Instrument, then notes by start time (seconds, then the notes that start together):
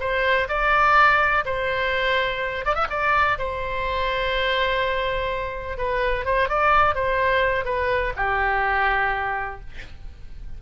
oboe
0.00 C5
0.49 D5
1.45 C5
2.65 D5
2.75 E5
2.90 D5
3.39 C5
5.78 B4
6.26 C5
6.49 D5
6.95 C5
7.65 B4
8.16 G4